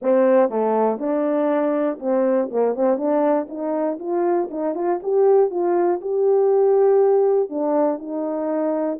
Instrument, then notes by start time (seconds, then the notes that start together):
horn
0.02 C4
0.49 A3
0.99 D4
1.99 C4
2.51 A#3
2.75 C4
2.97 D4
3.48 D#4
3.99 F4
4.50 D#4
4.75 F4
5.02 G4
5.50 F4
6.01 G4
7.49 D4
7.98 D#4